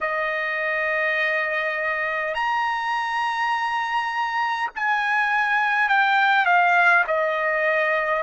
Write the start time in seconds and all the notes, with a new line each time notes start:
0.01 D#5
2.34 A#5
4.75 G#5
5.88 G5
6.45 F5
7.06 D#5